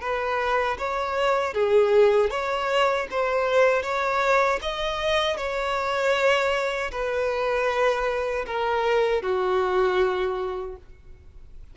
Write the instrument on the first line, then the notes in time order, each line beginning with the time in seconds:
violin
0.00 B4
0.78 C#5
1.53 G#4
2.30 C#5
3.10 C5
3.82 C#5
4.61 D#5
5.37 C#5
6.91 B4
8.46 A#4
9.22 F#4